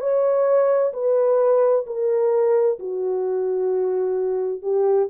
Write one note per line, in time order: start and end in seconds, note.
0.00 0.92 C#5
0.93 1.85 B4
1.87 2.79 A#4
2.79 4.62 F#4
4.62 5.08 G4